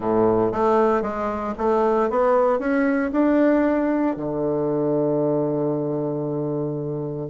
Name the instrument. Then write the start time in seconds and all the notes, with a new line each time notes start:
bassoon
0.00 A2
0.52 A3
1.02 G#3
1.58 A3
2.10 B3
2.59 C#4
3.12 D4
4.16 D3